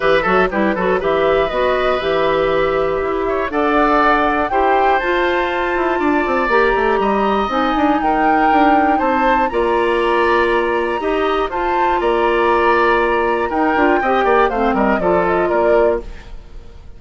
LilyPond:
<<
  \new Staff \with { instrumentName = "flute" } { \time 4/4 \tempo 4 = 120 e''4 b'4 e''4 dis''4 | e''2. fis''4~ | fis''4 g''4 a''2~ | a''4 ais''2 gis''4 |
g''2 a''4 ais''4~ | ais''2. a''4 | ais''2. g''4~ | g''4 f''8 dis''8 d''8 dis''8 d''4 | }
  \new Staff \with { instrumentName = "oboe" } { \time 4/4 b'8 a'8 g'8 a'8 b'2~ | b'2~ b'8 cis''8 d''4~ | d''4 c''2. | d''2 dis''2 |
ais'2 c''4 d''4~ | d''2 dis''4 c''4 | d''2. ais'4 | dis''8 d''8 c''8 ais'8 a'4 ais'4 | }
  \new Staff \with { instrumentName = "clarinet" } { \time 4/4 g'8 fis'8 e'8 fis'8 g'4 fis'4 | g'2. a'4~ | a'4 g'4 f'2~ | f'4 g'2 dis'4~ |
dis'2. f'4~ | f'2 g'4 f'4~ | f'2. dis'8 f'8 | g'4 c'4 f'2 | }
  \new Staff \with { instrumentName = "bassoon" } { \time 4/4 e8 fis8 g8 fis8 e4 b4 | e2 e'4 d'4~ | d'4 e'4 f'4. e'8 | d'8 c'8 ais8 a8 g4 c'8 d'8 |
dis'4 d'4 c'4 ais4~ | ais2 dis'4 f'4 | ais2. dis'8 d'8 | c'8 ais8 a8 g8 f4 ais4 | }
>>